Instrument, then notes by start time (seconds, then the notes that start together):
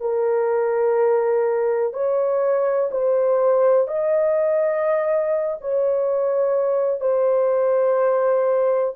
horn
0.00 A#4
1.93 C#5
2.91 C5
3.88 D#5
5.60 C#5
7.00 C5